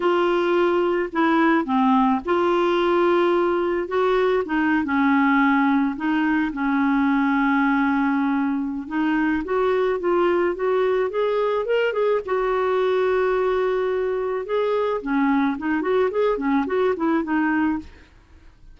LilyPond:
\new Staff \with { instrumentName = "clarinet" } { \time 4/4 \tempo 4 = 108 f'2 e'4 c'4 | f'2. fis'4 | dis'8. cis'2 dis'4 cis'16~ | cis'1 |
dis'4 fis'4 f'4 fis'4 | gis'4 ais'8 gis'8 fis'2~ | fis'2 gis'4 cis'4 | dis'8 fis'8 gis'8 cis'8 fis'8 e'8 dis'4 | }